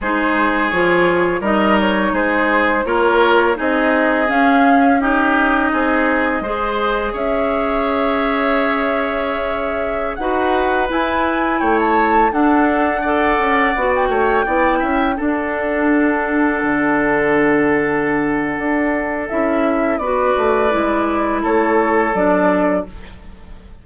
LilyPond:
<<
  \new Staff \with { instrumentName = "flute" } { \time 4/4 \tempo 4 = 84 c''4 cis''4 dis''8 cis''8 c''4 | cis''4 dis''4 f''4 dis''4~ | dis''2 e''2~ | e''2~ e''16 fis''4 gis''8.~ |
gis''16 g''16 a''8. fis''2~ fis''16 g''8~ | g''4~ g''16 fis''2~ fis''8.~ | fis''2. e''4 | d''2 cis''4 d''4 | }
  \new Staff \with { instrumentName = "oboe" } { \time 4/4 gis'2 ais'4 gis'4 | ais'4 gis'2 g'4 | gis'4 c''4 cis''2~ | cis''2~ cis''16 b'4.~ b'16~ |
b'16 cis''4 a'4 d''4. cis''16~ | cis''16 d''8 e''8 a'2~ a'8.~ | a'1 | b'2 a'2 | }
  \new Staff \with { instrumentName = "clarinet" } { \time 4/4 dis'4 f'4 dis'2 | f'4 dis'4 cis'4 dis'4~ | dis'4 gis'2.~ | gis'2~ gis'16 fis'4 e'8.~ |
e'4~ e'16 d'4 a'4 fis'8.~ | fis'16 e'4 d'2~ d'8.~ | d'2. e'4 | fis'4 e'2 d'4 | }
  \new Staff \with { instrumentName = "bassoon" } { \time 4/4 gis4 f4 g4 gis4 | ais4 c'4 cis'2 | c'4 gis4 cis'2~ | cis'2~ cis'16 dis'4 e'8.~ |
e'16 a4 d'4. cis'8 b8 a16~ | a16 b8 cis'8 d'2 d8.~ | d2 d'4 cis'4 | b8 a8 gis4 a4 fis4 | }
>>